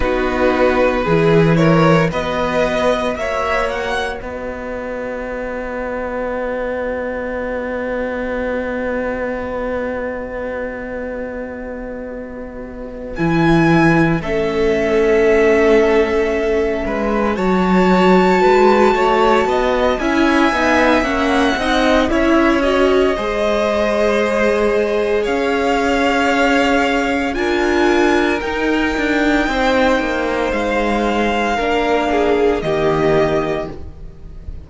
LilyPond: <<
  \new Staff \with { instrumentName = "violin" } { \time 4/4 \tempo 4 = 57 b'4. cis''8 dis''4 e''8 fis''8 | dis''1~ | dis''1~ | dis''8 gis''4 e''2~ e''8~ |
e''8 a''2~ a''8 gis''4 | fis''4 e''8 dis''2~ dis''8 | f''2 gis''4 g''4~ | g''4 f''2 dis''4 | }
  \new Staff \with { instrumentName = "violin" } { \time 4/4 fis'4 gis'8 ais'8 b'4 cis''4 | b'1~ | b'1~ | b'4. a'2~ a'8 |
b'8 cis''4 b'8 cis''8 dis''8 e''4~ | e''8 dis''8 cis''4 c''2 | cis''2 ais'2 | c''2 ais'8 gis'8 g'4 | }
  \new Staff \with { instrumentName = "viola" } { \time 4/4 dis'4 e'4 fis'2~ | fis'1~ | fis'1~ | fis'8 e'4 cis'2~ cis'8~ |
cis'8 fis'2~ fis'8 e'8 dis'8 | cis'8 dis'8 e'8 fis'8 gis'2~ | gis'2 f'4 dis'4~ | dis'2 d'4 ais4 | }
  \new Staff \with { instrumentName = "cello" } { \time 4/4 b4 e4 b4 ais4 | b1~ | b1~ | b8 e4 a2~ a8 |
gis8 fis4 gis8 a8 b8 cis'8 b8 | ais8 c'8 cis'4 gis2 | cis'2 d'4 dis'8 d'8 | c'8 ais8 gis4 ais4 dis4 | }
>>